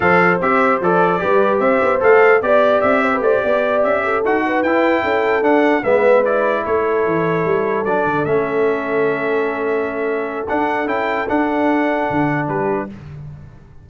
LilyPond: <<
  \new Staff \with { instrumentName = "trumpet" } { \time 4/4 \tempo 4 = 149 f''4 e''4 d''2 | e''4 f''4 d''4 e''4 | d''4. e''4 fis''4 g''8~ | g''4. fis''4 e''4 d''8~ |
d''8 cis''2. d''8~ | d''8 e''2.~ e''8~ | e''2 fis''4 g''4 | fis''2. b'4 | }
  \new Staff \with { instrumentName = "horn" } { \time 4/4 c''2. b'4 | c''2 d''4. c''16 b'16 | c''8 d''4. a'4 b'4~ | b'8 a'2 b'4.~ |
b'8 a'2.~ a'8~ | a'1~ | a'1~ | a'2. g'4 | }
  \new Staff \with { instrumentName = "trombone" } { \time 4/4 a'4 g'4 a'4 g'4~ | g'4 a'4 g'2~ | g'2~ g'8 fis'4 e'8~ | e'4. d'4 b4 e'8~ |
e'2.~ e'8 d'8~ | d'8 cis'2.~ cis'8~ | cis'2 d'4 e'4 | d'1 | }
  \new Staff \with { instrumentName = "tuba" } { \time 4/4 f4 c'4 f4 g4 | c'8 b8 a4 b4 c'4 | a8 b4 cis'4 dis'4 e'8~ | e'8 cis'4 d'4 gis4.~ |
gis8 a4 e4 g4 fis8 | d8 a2.~ a8~ | a2 d'4 cis'4 | d'2 d4 g4 | }
>>